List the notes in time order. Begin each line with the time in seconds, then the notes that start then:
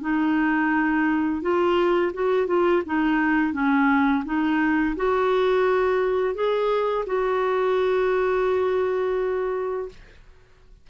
0.00 D#4
1.41 F4
2.13 F#4
2.47 F4
2.86 D#4
3.53 C#4
4.24 D#4
4.96 F#4
6.34 G#4
7.06 F#4